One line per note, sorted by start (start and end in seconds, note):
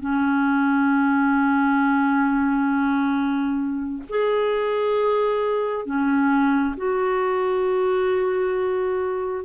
0.00 4.03 C#4
4.09 5.86 G#4
5.86 6.75 C#4
6.77 9.45 F#4